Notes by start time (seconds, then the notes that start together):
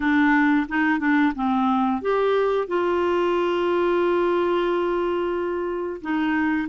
0.00 D4
0.68 D#4
0.99 D4
1.35 C4
2.01 G4
2.67 F4
6.02 D#4